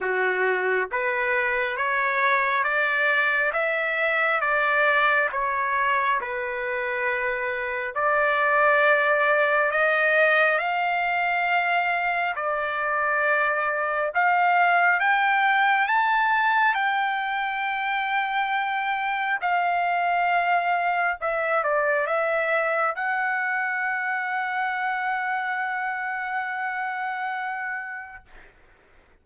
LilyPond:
\new Staff \with { instrumentName = "trumpet" } { \time 4/4 \tempo 4 = 68 fis'4 b'4 cis''4 d''4 | e''4 d''4 cis''4 b'4~ | b'4 d''2 dis''4 | f''2 d''2 |
f''4 g''4 a''4 g''4~ | g''2 f''2 | e''8 d''8 e''4 fis''2~ | fis''1 | }